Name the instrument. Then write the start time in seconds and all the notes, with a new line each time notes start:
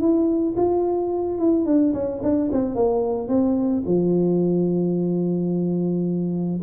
tuba
0.00 E4
0.57 F4
1.39 E4
1.66 D4
1.94 C#4
2.23 D4
2.52 C4
2.75 A#3
3.29 C4
3.87 F3